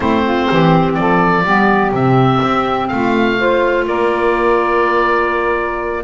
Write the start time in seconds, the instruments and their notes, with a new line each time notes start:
0.00 double bass A3, clarinet C4, saxophone E4, oboe C5
0.24 saxophone F4
0.49 double bass E3, saxophone G4
0.94 double bass F3, saxophone A4, oboe D5
1.44 double bass G3, clarinet B3, saxophone G4
1.91 double bass C3, clarinet C4, oboe E5
2.41 double bass C4
2.88 double bass A3, saxophone F4, oboe F5
3.37 clarinet F4, saxophone C5
3.86 double bass A#3, saxophone A#4, oboe D5